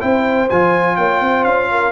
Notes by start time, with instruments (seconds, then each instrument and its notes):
0.00 tuba C4, trombone E4, horn C5, trumpet G5
0.49 tuba F3, trombone F4, trumpet G#5
0.96 tuba A#3, horn C#5, trumpet G5
1.20 tuba C4, horn C5
1.44 tuba C#4, trumpet F5
1.71 horn A#4